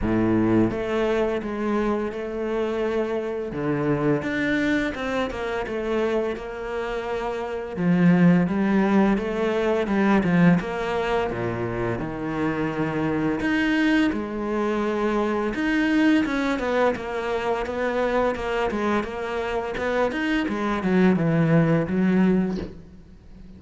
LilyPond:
\new Staff \with { instrumentName = "cello" } { \time 4/4 \tempo 4 = 85 a,4 a4 gis4 a4~ | a4 d4 d'4 c'8 ais8 | a4 ais2 f4 | g4 a4 g8 f8 ais4 |
ais,4 dis2 dis'4 | gis2 dis'4 cis'8 b8 | ais4 b4 ais8 gis8 ais4 | b8 dis'8 gis8 fis8 e4 fis4 | }